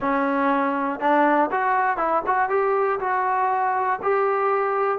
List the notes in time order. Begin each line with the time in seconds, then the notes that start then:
0.00 C#4
1.00 D4
1.51 F#4
1.97 E4
2.26 F#4
2.49 G4
3.00 F#4
4.02 G4